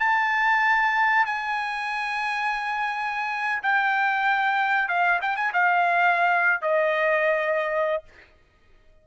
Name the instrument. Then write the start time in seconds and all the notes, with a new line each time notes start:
trumpet
0.00 A5
1.26 G#5
3.63 G5
4.89 F5
5.22 G5
5.37 G#5
5.53 F5
6.62 D#5